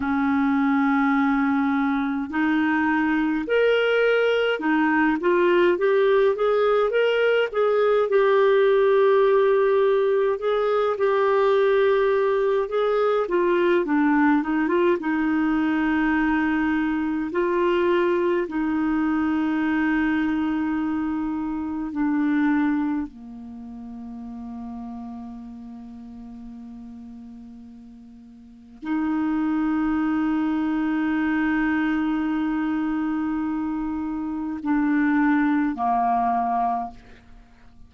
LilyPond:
\new Staff \with { instrumentName = "clarinet" } { \time 4/4 \tempo 4 = 52 cis'2 dis'4 ais'4 | dis'8 f'8 g'8 gis'8 ais'8 gis'8 g'4~ | g'4 gis'8 g'4. gis'8 f'8 | d'8 dis'16 f'16 dis'2 f'4 |
dis'2. d'4 | ais1~ | ais4 dis'2.~ | dis'2 d'4 ais4 | }